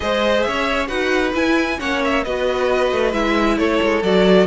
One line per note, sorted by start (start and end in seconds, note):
0.00 0.46 G#3
0.00 0.87 G#4
0.00 0.46 C5
0.00 0.42 D#5
0.42 0.89 C#4
0.42 0.88 C#5
0.42 0.87 E5
0.87 1.33 D#4
0.87 1.32 F#4
0.87 1.77 B4
0.87 1.32 F#5
1.33 1.78 E4
1.33 1.79 E4
1.33 1.80 G#5
1.79 2.25 A#3
1.79 2.23 C#4
1.79 2.23 C#5
1.79 2.02 F#5
2.04 2.24 E5
2.23 2.92 B3
2.23 3.13 F#4
2.23 3.58 B4
2.23 3.13 D#5
2.92 3.12 A3
3.12 3.57 G#3
3.12 4.02 E4
3.12 3.58 E5
3.57 3.79 A3
3.57 4.46 A4
3.57 4.02 C#5
3.82 4.02 G#3
4.02 4.46 F#3
4.02 4.46 F#4
4.02 4.46 D5